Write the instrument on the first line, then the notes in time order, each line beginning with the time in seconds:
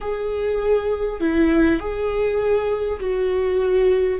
viola
0.01 G#4
1.20 E4
1.79 G#4
3.00 F#4